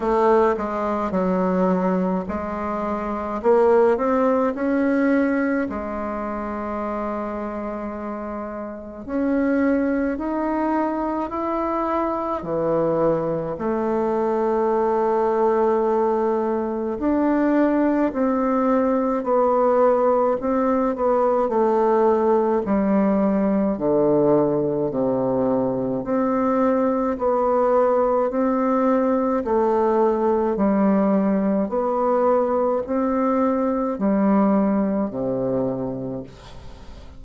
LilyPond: \new Staff \with { instrumentName = "bassoon" } { \time 4/4 \tempo 4 = 53 a8 gis8 fis4 gis4 ais8 c'8 | cis'4 gis2. | cis'4 dis'4 e'4 e4 | a2. d'4 |
c'4 b4 c'8 b8 a4 | g4 d4 c4 c'4 | b4 c'4 a4 g4 | b4 c'4 g4 c4 | }